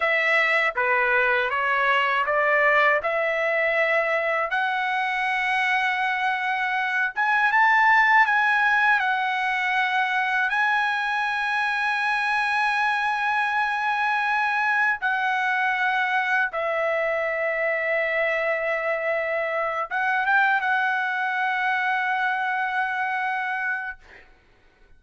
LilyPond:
\new Staff \with { instrumentName = "trumpet" } { \time 4/4 \tempo 4 = 80 e''4 b'4 cis''4 d''4 | e''2 fis''2~ | fis''4. gis''8 a''4 gis''4 | fis''2 gis''2~ |
gis''1 | fis''2 e''2~ | e''2~ e''8 fis''8 g''8 fis''8~ | fis''1 | }